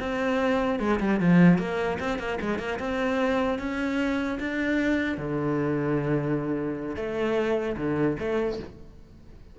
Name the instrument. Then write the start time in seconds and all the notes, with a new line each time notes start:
cello
0.00 C4
0.80 G#3
1.01 G3
1.20 F3
1.59 A#3
2.00 C4
2.19 A#3
2.41 G#3
2.59 A#3
2.80 C4
3.59 C#4
4.40 D4
5.18 D3
6.96 A3
7.77 D3
8.20 A3